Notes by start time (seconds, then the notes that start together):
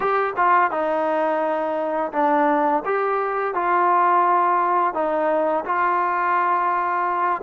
0.00 G4
0.36 F4
0.71 D#4
2.12 D4
2.85 G4
3.54 F4
4.93 D#4
5.65 F4